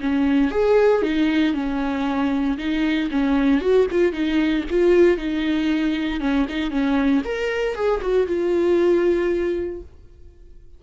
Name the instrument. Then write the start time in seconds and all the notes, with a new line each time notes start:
viola
0.00 C#4
0.51 G#4
1.02 D#4
1.54 C#4
2.57 D#4
3.11 C#4
3.60 F#4
3.91 F4
4.12 D#4
4.70 F4
5.17 D#4
6.20 C#4
6.49 D#4
6.70 C#4
7.24 A#4
7.75 G#4
8.01 F#4
8.27 F4